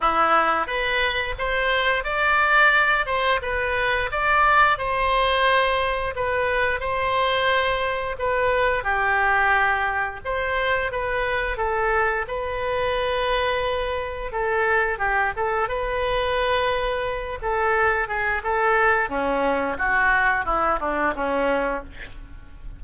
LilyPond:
\new Staff \with { instrumentName = "oboe" } { \time 4/4 \tempo 4 = 88 e'4 b'4 c''4 d''4~ | d''8 c''8 b'4 d''4 c''4~ | c''4 b'4 c''2 | b'4 g'2 c''4 |
b'4 a'4 b'2~ | b'4 a'4 g'8 a'8 b'4~ | b'4. a'4 gis'8 a'4 | cis'4 fis'4 e'8 d'8 cis'4 | }